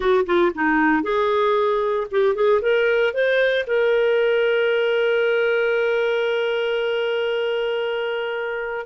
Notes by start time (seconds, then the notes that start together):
0.00 F#4
0.26 F4
0.55 D#4
1.02 G#4
2.11 G4
2.35 G#4
2.61 A#4
3.13 C5
3.66 A#4